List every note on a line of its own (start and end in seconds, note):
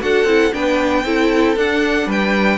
0.00 0.25 D4
0.00 0.26 F#4
0.00 0.56 A4
0.00 0.54 F#5
0.25 0.51 C4
0.25 0.52 E4
0.52 1.05 B3
0.52 1.04 D4
0.52 1.06 B4
0.52 1.57 G5
1.05 1.56 C4
1.05 1.56 E4
1.05 2.08 A4
1.56 2.07 D4
1.56 2.59 D4
1.56 2.10 F#5
2.07 2.59 G3
2.07 2.59 B4
2.07 2.59 G5